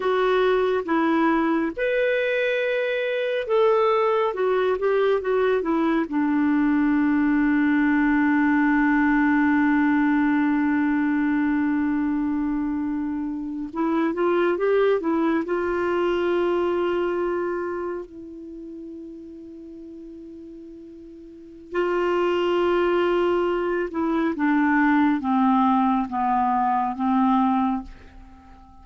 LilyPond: \new Staff \with { instrumentName = "clarinet" } { \time 4/4 \tempo 4 = 69 fis'4 e'4 b'2 | a'4 fis'8 g'8 fis'8 e'8 d'4~ | d'1~ | d'2.~ d'8. e'16~ |
e'16 f'8 g'8 e'8 f'2~ f'16~ | f'8. e'2.~ e'16~ | e'4 f'2~ f'8 e'8 | d'4 c'4 b4 c'4 | }